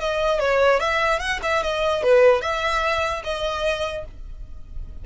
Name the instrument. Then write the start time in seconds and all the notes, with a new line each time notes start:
violin
0.00 D#5
0.39 C#5
0.80 E5
1.19 F#5
1.43 E5
1.63 D#5
2.03 B4
2.41 E5
3.23 D#5